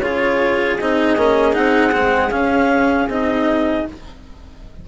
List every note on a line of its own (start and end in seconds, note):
0.00 0.78 C#3
0.00 0.79 F4
0.00 3.87 G#4
0.00 0.77 C#5
0.79 1.17 C4
0.79 1.18 D#4
0.79 1.54 D#5
1.17 1.55 A#3
1.17 1.53 C#4
1.53 1.94 C4
1.53 1.91 D#4
1.53 2.31 F#5
1.92 2.33 G#3
1.92 2.31 C4
2.31 3.08 C#4
2.31 3.07 C#4
2.31 3.08 F5
3.07 3.84 C4
3.07 3.87 D#4
3.07 3.88 D#5